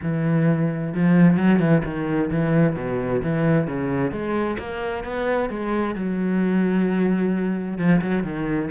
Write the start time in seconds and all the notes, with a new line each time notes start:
0.02 E3
0.94 F3
1.37 F#3
1.59 E3
1.84 D#3
2.30 E3
2.76 B2
3.22 E3
3.67 C#3
4.11 G#3
4.58 A#3
5.04 B3
5.49 G#3
5.95 F#3
7.78 F3
8.01 F#3
8.23 D#3